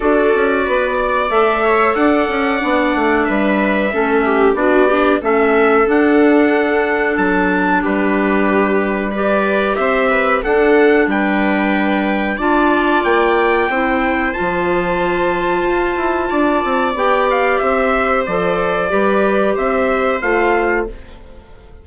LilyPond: <<
  \new Staff \with { instrumentName = "trumpet" } { \time 4/4 \tempo 4 = 92 d''2 e''4 fis''4~ | fis''4 e''2 d''4 | e''4 fis''2 a''4 | b'2 d''4 e''4 |
fis''4 g''2 a''4 | g''2 a''2~ | a''2 g''8 f''8 e''4 | d''2 e''4 f''4 | }
  \new Staff \with { instrumentName = "viola" } { \time 4/4 a'4 b'8 d''4 cis''8 d''4~ | d''4 b'4 a'8 g'8 fis'8 d'8 | a'1 | g'2 b'4 c''8 b'8 |
a'4 b'2 d''4~ | d''4 c''2.~ | c''4 d''2 c''4~ | c''4 b'4 c''2 | }
  \new Staff \with { instrumentName = "clarinet" } { \time 4/4 fis'2 a'2 | d'2 cis'4 d'8 g'8 | cis'4 d'2.~ | d'2 g'2 |
d'2. f'4~ | f'4 e'4 f'2~ | f'2 g'2 | a'4 g'2 f'4 | }
  \new Staff \with { instrumentName = "bassoon" } { \time 4/4 d'8 cis'8 b4 a4 d'8 cis'8 | b8 a8 g4 a4 b4 | a4 d'2 fis4 | g2. c'4 |
d'4 g2 d'4 | ais4 c'4 f2 | f'8 e'8 d'8 c'8 b4 c'4 | f4 g4 c'4 a4 | }
>>